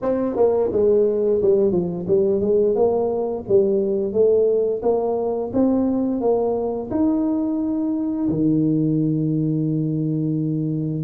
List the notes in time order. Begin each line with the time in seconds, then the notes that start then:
0.02 C4
0.36 A#3
0.72 G#3
1.41 G3
1.71 F3
2.07 G3
2.40 G#3
2.75 A#3
3.48 G3
4.12 A3
4.82 A#3
5.53 C4
6.20 A#3
6.90 D#4
8.28 D#3